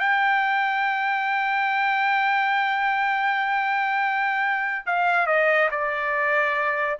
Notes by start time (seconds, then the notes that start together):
0.00 G5
4.87 F5
5.27 D#5
5.72 D5